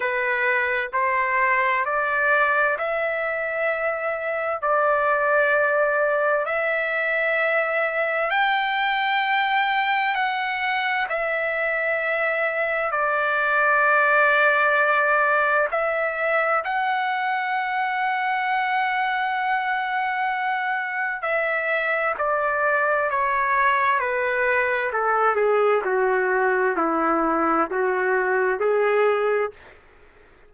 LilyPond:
\new Staff \with { instrumentName = "trumpet" } { \time 4/4 \tempo 4 = 65 b'4 c''4 d''4 e''4~ | e''4 d''2 e''4~ | e''4 g''2 fis''4 | e''2 d''2~ |
d''4 e''4 fis''2~ | fis''2. e''4 | d''4 cis''4 b'4 a'8 gis'8 | fis'4 e'4 fis'4 gis'4 | }